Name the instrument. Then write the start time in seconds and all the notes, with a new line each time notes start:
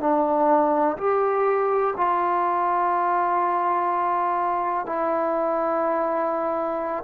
trombone
0.00 D4
0.97 G4
1.97 F4
4.86 E4